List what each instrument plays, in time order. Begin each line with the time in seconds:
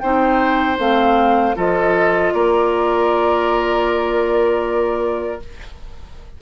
0.00 bassoon C4, clarinet D#4, oboe C5, flute G5
0.77 bassoon A3, clarinet C4, flute F5
1.55 bassoon F3, clarinet F4, oboe A4, flute D#5
2.34 bassoon A#3, oboe A#4, flute D5